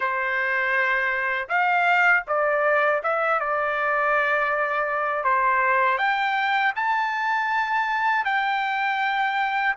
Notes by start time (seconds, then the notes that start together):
0.00 C5
1.48 F5
2.27 D5
3.03 E5
3.40 D5
5.23 C5
5.98 G5
6.75 A5
8.25 G5